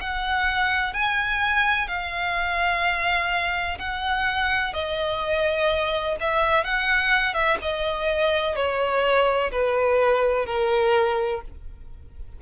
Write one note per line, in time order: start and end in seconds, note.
0.00 0.93 F#5
0.93 1.87 G#5
1.87 3.78 F5
3.78 4.73 F#5
4.73 6.16 D#5
6.20 6.64 E5
6.64 7.33 F#5
7.33 7.57 E5
7.61 8.55 D#5
8.55 9.51 C#5
9.51 10.45 B4
10.45 11.41 A#4